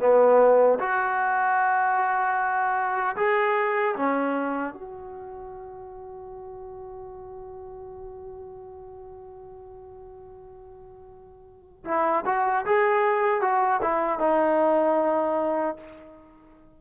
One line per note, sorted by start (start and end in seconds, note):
0.00 0.79 B3
0.79 3.16 F#4
3.17 3.95 G#4
3.97 4.74 C#4
4.74 11.85 F#4
11.85 12.25 E4
12.26 12.65 F#4
12.66 13.41 G#4
13.41 13.81 F#4
13.82 14.19 E4
14.19 15.77 D#4